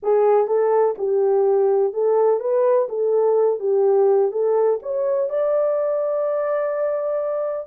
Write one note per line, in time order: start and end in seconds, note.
0.02 0.47 G#4
0.47 0.95 A4
0.98 1.93 G4
1.93 2.40 A4
2.40 2.88 B4
2.88 3.59 A4
3.59 4.31 G4
4.31 4.79 A4
4.82 5.29 C#5
5.29 7.67 D5